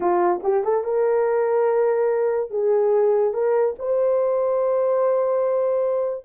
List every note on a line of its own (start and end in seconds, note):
0.00 0.40 F4
0.43 0.64 G4
0.64 0.84 A4
0.84 2.50 A#4
2.50 3.33 G#4
3.33 3.75 A#4
3.78 6.24 C5